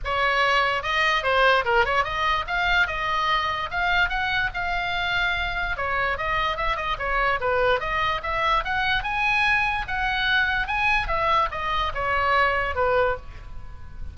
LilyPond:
\new Staff \with { instrumentName = "oboe" } { \time 4/4 \tempo 4 = 146 cis''2 dis''4 c''4 | ais'8 cis''8 dis''4 f''4 dis''4~ | dis''4 f''4 fis''4 f''4~ | f''2 cis''4 dis''4 |
e''8 dis''8 cis''4 b'4 dis''4 | e''4 fis''4 gis''2 | fis''2 gis''4 e''4 | dis''4 cis''2 b'4 | }